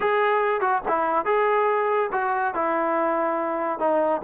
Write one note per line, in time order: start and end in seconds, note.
0.00 0.60 G#4
0.60 0.81 F#4
0.88 1.25 E4
1.25 2.10 G#4
2.12 2.54 F#4
2.54 3.79 E4
3.79 4.21 D#4